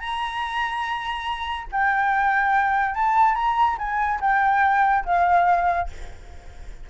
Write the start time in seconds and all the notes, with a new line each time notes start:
0.00 A#5
1.72 G5
2.95 A5
3.35 A#5
3.78 G#5
4.21 G5
5.05 F5